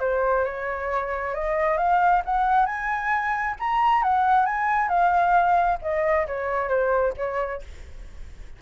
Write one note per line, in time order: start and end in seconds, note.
0.00 0.45 C5
0.45 1.35 C#5
1.35 1.78 D#5
1.78 2.23 F5
2.25 2.66 F#5
2.66 3.56 G#5
3.60 4.03 A#5
4.03 4.46 F#5
4.46 4.89 G#5
4.89 5.79 F5
5.82 6.27 D#5
6.27 6.69 C#5
6.69 7.14 C5
7.17 7.62 C#5